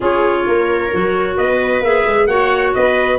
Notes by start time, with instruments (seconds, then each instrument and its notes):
0.00 tuba C#4, clarinet F4, viola G#4, trumpet C#5
0.46 tuba A#3, viola A#4
0.92 tuba F#3, clarinet F#4
1.37 tuba B3, viola B4, trumpet D#5
1.81 tuba A#3, clarinet G#4, trumpet E5
2.06 tuba G#3
2.27 tuba A#3, clarinet F#4, viola C#5, trumpet F#5
2.74 tuba B3, viola B4, trumpet D#5